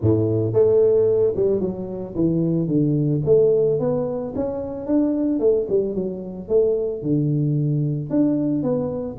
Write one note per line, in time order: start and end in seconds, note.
0.01 0.53 A2
0.53 1.34 A3
1.35 1.60 G3
1.60 2.14 F#3
2.15 2.67 E3
2.67 3.21 D3
3.25 3.79 A3
3.79 4.33 B3
4.35 4.86 C#4
4.86 5.39 D4
5.39 5.66 A3
5.69 5.94 G3
5.94 6.48 F#3
6.48 7.02 A3
7.02 8.10 D3
8.10 8.62 D4
8.62 9.16 B3